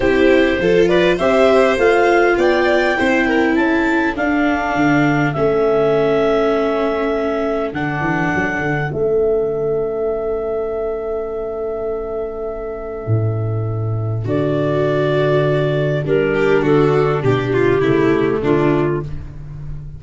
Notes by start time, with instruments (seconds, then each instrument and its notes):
0.00 tuba C4, viola E4, violin G4, clarinet C5
0.59 tuba F3, viola F4, violin A4
0.87 violin B4, clarinet D5
1.16 tuba C4, viola G4, violin C5, clarinet E5
1.76 tuba A3, viola F4, clarinet F5
2.37 tuba B3, violin D5, clarinet G5
2.96 tuba C4, viola E4, violin C5
3.27 violin A#4
3.55 tuba C#4, violin A4, clarinet A5
4.15 viola D4, tuba D4, clarinet F5
4.75 tuba D3
5.32 tuba A3, viola C#4, clarinet E5
7.72 tuba D3, viola D4, clarinet F#5
8.00 tuba E3
8.34 tuba F#3
8.59 tuba D3
8.91 tuba A3, viola C#4, clarinet E5
13.07 tuba A2
14.24 tuba D3, viola F#4, clarinet D5
16.05 tuba G3, viola D4, clarinet A#4
16.34 violin G4
16.62 tuba D3, violin F#4, clarinet A4
17.22 tuba B2, clarinet G4, violin G4
17.53 violin F4
17.80 tuba C#3, viola A3, violin E4
18.42 tuba D3, violin D4, clarinet F4